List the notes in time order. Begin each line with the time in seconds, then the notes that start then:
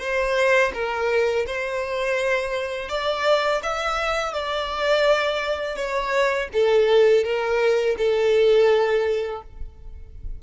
0.00 C5
0.74 A#4
1.47 C5
2.89 D5
3.63 E5
4.33 D5
5.76 C#5
6.53 A4
7.24 A#4
7.98 A4